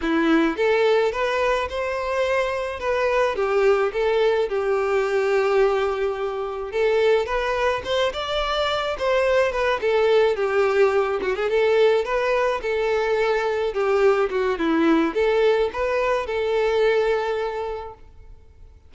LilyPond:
\new Staff \with { instrumentName = "violin" } { \time 4/4 \tempo 4 = 107 e'4 a'4 b'4 c''4~ | c''4 b'4 g'4 a'4 | g'1 | a'4 b'4 c''8 d''4. |
c''4 b'8 a'4 g'4. | fis'16 gis'16 a'4 b'4 a'4.~ | a'8 g'4 fis'8 e'4 a'4 | b'4 a'2. | }